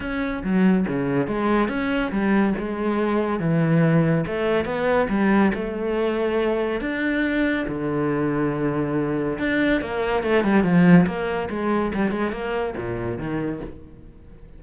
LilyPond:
\new Staff \with { instrumentName = "cello" } { \time 4/4 \tempo 4 = 141 cis'4 fis4 cis4 gis4 | cis'4 g4 gis2 | e2 a4 b4 | g4 a2. |
d'2 d2~ | d2 d'4 ais4 | a8 g8 f4 ais4 gis4 | g8 gis8 ais4 ais,4 dis4 | }